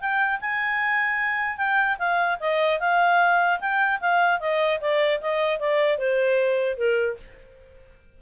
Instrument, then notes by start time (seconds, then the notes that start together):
clarinet
0.00 G5
0.40 G#5
1.57 G5
1.98 F5
2.40 D#5
2.79 F5
3.60 G5
4.00 F5
4.40 D#5
4.80 D5
5.21 D#5
5.59 D5
5.98 C5
6.77 A#4